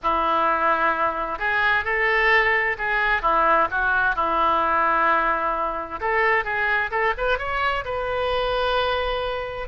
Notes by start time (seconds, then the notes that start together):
0.02 E4
1.38 G#4
1.84 A4
2.77 G#4
3.22 E4
3.70 F#4
4.15 E4
6.00 A4
6.44 G#4
6.90 A4
7.17 B4
7.38 C#5
7.84 B4